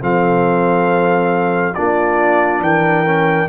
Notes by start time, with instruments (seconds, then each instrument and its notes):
0.00 tuba F3, trombone C4, horn A4, trumpet F5
1.74 tuba A#3, trombone D4, horn F4, trumpet D5
2.60 tuba E3, horn A#4, trumpet G5
3.05 trombone C#4